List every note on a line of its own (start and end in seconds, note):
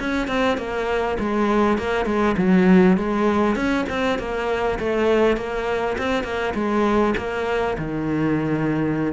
0.00 0.28 C#4
0.28 0.58 C4
0.58 1.18 A#3
1.19 1.78 G#3
1.78 2.06 A#3
2.06 2.36 G#3
2.37 2.97 F#3
2.98 3.56 G#3
3.56 3.86 C#4
3.89 4.19 C4
4.19 4.79 A#3
4.79 5.37 A3
5.37 5.97 A#3
5.98 6.24 C4
6.24 6.54 A#3
6.55 7.15 G#3
7.17 7.77 A#3
7.78 9.13 D#3